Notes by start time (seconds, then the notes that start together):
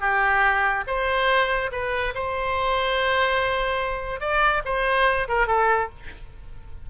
0.00 G4
0.86 C5
1.71 B4
2.14 C5
4.20 D5
4.65 C5
5.28 A#4
5.47 A4